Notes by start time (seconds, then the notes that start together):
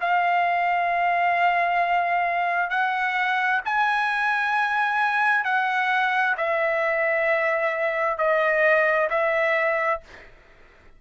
0.00 F5
2.69 F#5
3.65 G#5
5.44 F#5
6.37 E5
8.17 D#5
9.10 E5